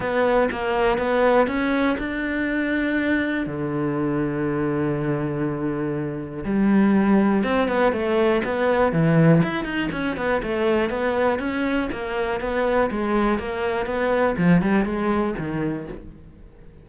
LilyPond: \new Staff \with { instrumentName = "cello" } { \time 4/4 \tempo 4 = 121 b4 ais4 b4 cis'4 | d'2. d4~ | d1~ | d4 g2 c'8 b8 |
a4 b4 e4 e'8 dis'8 | cis'8 b8 a4 b4 cis'4 | ais4 b4 gis4 ais4 | b4 f8 g8 gis4 dis4 | }